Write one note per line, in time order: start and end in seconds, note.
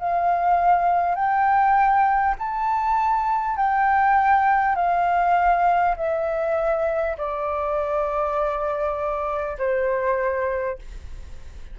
0.00 1.16 F5
1.16 2.36 G5
2.39 3.57 A5
3.57 4.76 G5
4.76 5.96 F5
5.97 7.17 E5
7.18 9.58 D5
9.59 10.79 C5